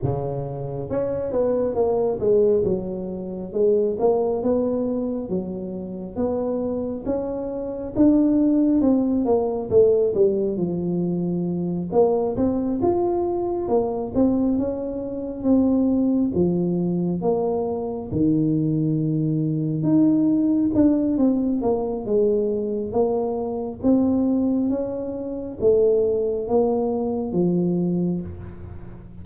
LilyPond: \new Staff \with { instrumentName = "tuba" } { \time 4/4 \tempo 4 = 68 cis4 cis'8 b8 ais8 gis8 fis4 | gis8 ais8 b4 fis4 b4 | cis'4 d'4 c'8 ais8 a8 g8 | f4. ais8 c'8 f'4 ais8 |
c'8 cis'4 c'4 f4 ais8~ | ais8 dis2 dis'4 d'8 | c'8 ais8 gis4 ais4 c'4 | cis'4 a4 ais4 f4 | }